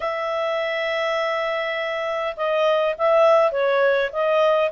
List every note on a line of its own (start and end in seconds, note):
0.00 2.35 E5
2.36 2.95 D#5
2.97 3.51 E5
3.51 4.10 C#5
4.12 4.71 D#5